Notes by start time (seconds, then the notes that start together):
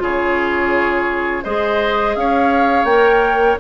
0.00 C#3 F4 G#4
0.06 C#5
1.44 G#3 G#4 C5 D#5
2.16 C#4 C#5 F5
2.85 A#3 A#4 G5